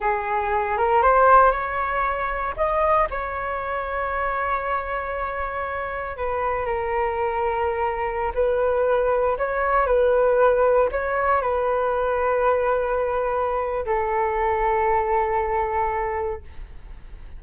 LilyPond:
\new Staff \with { instrumentName = "flute" } { \time 4/4 \tempo 4 = 117 gis'4. ais'8 c''4 cis''4~ | cis''4 dis''4 cis''2~ | cis''1 | b'4 ais'2.~ |
ais'16 b'2 cis''4 b'8.~ | b'4~ b'16 cis''4 b'4.~ b'16~ | b'2. a'4~ | a'1 | }